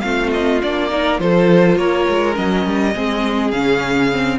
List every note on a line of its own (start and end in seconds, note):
0.00 0.62 A3
0.00 0.61 C4
0.00 0.91 F4
0.00 0.29 F5
0.32 0.61 D#5
0.62 1.19 A#3
0.62 0.90 D4
0.62 1.19 D5
0.90 1.19 D#4
0.90 1.20 A#4
1.19 1.76 F3
1.19 2.34 F4
1.19 1.78 A4
1.19 1.77 C5
1.76 2.05 A#3
1.76 2.94 A#4
1.76 2.35 C#5
2.09 2.38 G#3
2.34 2.66 F#3
2.34 2.92 C#4
2.34 3.51 D#5
2.66 2.95 G3
2.94 3.52 G#3
2.94 3.53 C4
2.94 4.39 G#4
3.51 4.39 C#3
3.51 4.12 C#4
3.51 4.38 F5
4.12 4.39 C4